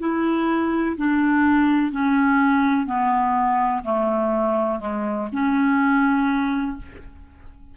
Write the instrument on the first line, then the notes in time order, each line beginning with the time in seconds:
clarinet
0.00 E4
0.97 D4
1.92 C#4
2.86 B3
3.84 A3
4.80 G#3
5.33 C#4